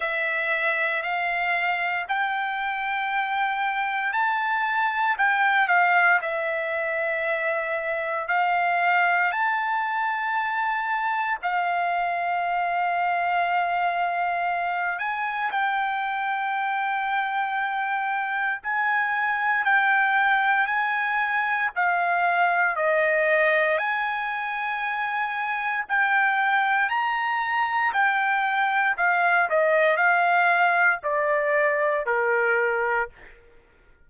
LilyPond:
\new Staff \with { instrumentName = "trumpet" } { \time 4/4 \tempo 4 = 58 e''4 f''4 g''2 | a''4 g''8 f''8 e''2 | f''4 a''2 f''4~ | f''2~ f''8 gis''8 g''4~ |
g''2 gis''4 g''4 | gis''4 f''4 dis''4 gis''4~ | gis''4 g''4 ais''4 g''4 | f''8 dis''8 f''4 d''4 ais'4 | }